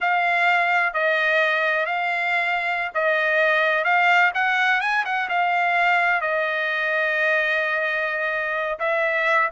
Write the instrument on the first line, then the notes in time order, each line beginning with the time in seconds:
trumpet
0.00 F5
0.93 D#5
1.86 F5
2.94 D#5
3.84 F5
4.34 F#5
4.80 G#5
5.05 F#5
5.29 F5
6.21 D#5
8.79 E5